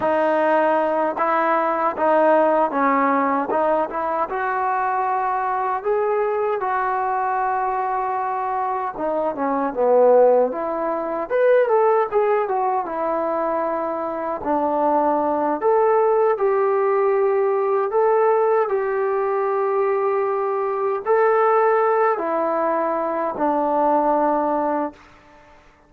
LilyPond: \new Staff \with { instrumentName = "trombone" } { \time 4/4 \tempo 4 = 77 dis'4. e'4 dis'4 cis'8~ | cis'8 dis'8 e'8 fis'2 gis'8~ | gis'8 fis'2. dis'8 | cis'8 b4 e'4 b'8 a'8 gis'8 |
fis'8 e'2 d'4. | a'4 g'2 a'4 | g'2. a'4~ | a'8 e'4. d'2 | }